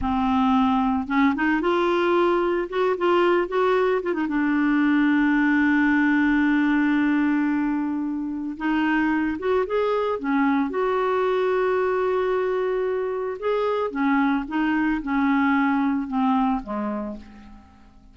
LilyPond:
\new Staff \with { instrumentName = "clarinet" } { \time 4/4 \tempo 4 = 112 c'2 cis'8 dis'8 f'4~ | f'4 fis'8 f'4 fis'4 f'16 dis'16 | d'1~ | d'1 |
dis'4. fis'8 gis'4 cis'4 | fis'1~ | fis'4 gis'4 cis'4 dis'4 | cis'2 c'4 gis4 | }